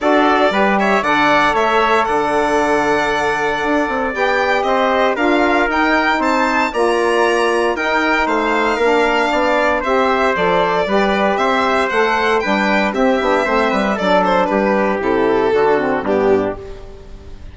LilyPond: <<
  \new Staff \with { instrumentName = "violin" } { \time 4/4 \tempo 4 = 116 d''4. e''8 fis''4 e''4 | fis''1 | g''4 dis''4 f''4 g''4 | a''4 ais''2 g''4 |
f''2. e''4 | d''2 e''4 fis''4 | g''4 e''2 d''8 c''8 | b'4 a'2 g'4 | }
  \new Staff \with { instrumentName = "trumpet" } { \time 4/4 a'4 b'8 cis''8 d''4 cis''4 | d''1~ | d''4 c''4 ais'2 | c''4 d''2 ais'4 |
c''4 ais'4 d''4 c''4~ | c''4 b'4 c''2 | b'4 g'4 c''8 b'8 a'4 | g'2 fis'4 d'4 | }
  \new Staff \with { instrumentName = "saxophone" } { \time 4/4 fis'4 g'4 a'2~ | a'1 | g'2 f'4 dis'4~ | dis'4 f'2 dis'4~ |
dis'4 d'2 g'4 | a'4 g'2 a'4 | d'4 c'8 d'8 c'4 d'4~ | d'4 e'4 d'8 c'8 b4 | }
  \new Staff \with { instrumentName = "bassoon" } { \time 4/4 d'4 g4 d4 a4 | d2. d'8 c'8 | b4 c'4 d'4 dis'4 | c'4 ais2 dis'4 |
a4 ais4 b4 c'4 | f4 g4 c'4 a4 | g4 c'8 b8 a8 g8 fis4 | g4 c4 d4 g,4 | }
>>